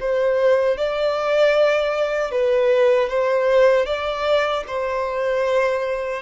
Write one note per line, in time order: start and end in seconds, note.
0.00 0.77 C5
0.77 2.31 D5
2.31 3.09 B4
3.09 3.86 C5
3.86 4.64 D5
4.67 6.22 C5